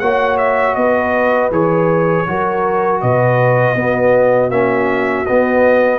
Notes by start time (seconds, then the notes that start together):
0.00 A#3 F#4 C#5 F#5
0.38 E5
0.76 B3 B4 D#5
1.51 E3 G#4 C#5
2.27 F#3 F#4 A#4
3.01 B2 B4 D#5
3.75 B3 F#4
4.50 A#3 C#4 E5
5.26 B3 D#5